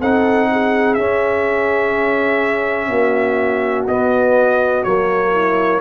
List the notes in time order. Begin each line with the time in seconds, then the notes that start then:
0.00 C4 D#4 A4 F#5
0.51 G#4
0.94 C#4 E5
2.89 A#3 F#4
3.87 B3 D#5
4.83 F#3 A#3 C#5
5.32 E4